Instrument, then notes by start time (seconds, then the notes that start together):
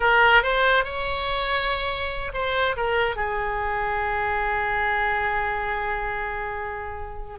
oboe
0.00 A#4
0.42 C5
0.84 C#5
2.33 C5
2.76 A#4
3.16 G#4